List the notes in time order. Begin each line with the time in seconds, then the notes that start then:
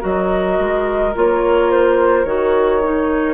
0.00 F#3 F#4 A#4 D#5
0.59 G#3
1.16 A#3 F4 C#5
1.71 C5
2.25 D#3 F#4 C#5
2.83 D#4